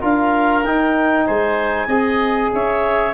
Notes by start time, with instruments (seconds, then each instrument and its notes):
0.00 tuba D4, trombone F4, oboe A#4, clarinet F5
0.64 tuba D#4, trombone D#4, clarinet G5
1.26 tuba G#3, oboe C5, clarinet G#5
1.87 tuba C4, trombone G#4, oboe D#5
2.52 tuba C#4, oboe C#5, clarinet E5